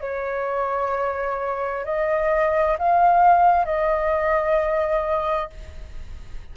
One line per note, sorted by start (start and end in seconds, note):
0.00 1.85 C#5
1.85 2.77 D#5
2.78 3.65 F5
3.65 5.50 D#5